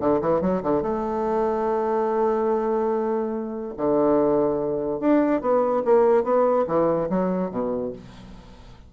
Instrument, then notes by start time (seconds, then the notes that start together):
bassoon
0.00 D3
0.21 E3
0.41 F#3
0.63 D3
0.82 A3
3.77 D3
5.00 D4
5.41 B3
5.84 A#3
6.24 B3
6.67 E3
7.09 F#3
7.51 B2